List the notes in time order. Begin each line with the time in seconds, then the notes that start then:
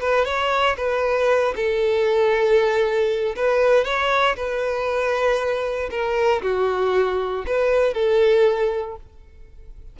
0.00 B4
0.25 C#5
0.77 B4
1.56 A4
3.36 B4
3.84 C#5
4.36 B4
5.91 A#4
6.42 F#4
7.47 B4
7.94 A4